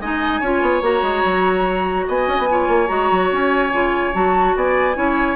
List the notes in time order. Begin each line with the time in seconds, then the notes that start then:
0.00 G#3 D#4 D#5 G#5
0.41 C#4 F4 C#5
0.62 B3
0.82 A#3 F#4 A#5
1.03 G#3
1.25 F#3
2.08 B3 D#5 G#5
2.28 C#4
2.38 B3
2.50 F4 C#5
2.68 A#3
2.88 G#3 F#4 A#5
3.12 F#3
3.32 C#4 G#5
3.73 C#3 F4
4.13 F#3 F#4 A5
4.56 B3 D5 G#5
4.95 C#4 E4 C#5